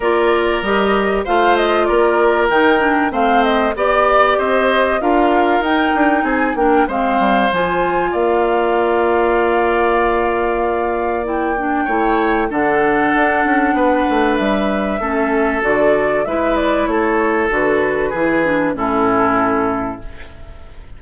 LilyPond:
<<
  \new Staff \with { instrumentName = "flute" } { \time 4/4 \tempo 4 = 96 d''4 dis''4 f''8 dis''8 d''4 | g''4 f''8 dis''8 d''4 dis''4 | f''4 g''4 gis''8 g''8 f''4 | gis''4 f''2.~ |
f''2 g''2 | fis''2. e''4~ | e''4 d''4 e''8 d''8 cis''4 | b'2 a'2 | }
  \new Staff \with { instrumentName = "oboe" } { \time 4/4 ais'2 c''4 ais'4~ | ais'4 c''4 d''4 c''4 | ais'2 gis'8 ais'8 c''4~ | c''4 d''2.~ |
d''2. cis''4 | a'2 b'2 | a'2 b'4 a'4~ | a'4 gis'4 e'2 | }
  \new Staff \with { instrumentName = "clarinet" } { \time 4/4 f'4 g'4 f'2 | dis'8 d'8 c'4 g'2 | f'4 dis'4. d'8 c'4 | f'1~ |
f'2 e'8 d'8 e'4 | d'1 | cis'4 fis'4 e'2 | fis'4 e'8 d'8 cis'2 | }
  \new Staff \with { instrumentName = "bassoon" } { \time 4/4 ais4 g4 a4 ais4 | dis4 a4 b4 c'4 | d'4 dis'8 d'8 c'8 ais8 gis8 g8 | f4 ais2.~ |
ais2. a4 | d4 d'8 cis'8 b8 a8 g4 | a4 d4 gis4 a4 | d4 e4 a,2 | }
>>